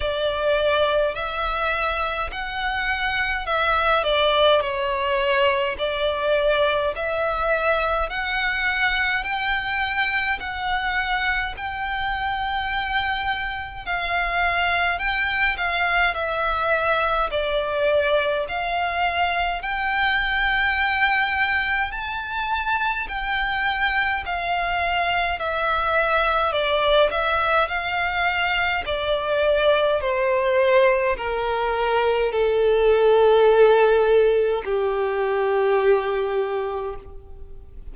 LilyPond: \new Staff \with { instrumentName = "violin" } { \time 4/4 \tempo 4 = 52 d''4 e''4 fis''4 e''8 d''8 | cis''4 d''4 e''4 fis''4 | g''4 fis''4 g''2 | f''4 g''8 f''8 e''4 d''4 |
f''4 g''2 a''4 | g''4 f''4 e''4 d''8 e''8 | f''4 d''4 c''4 ais'4 | a'2 g'2 | }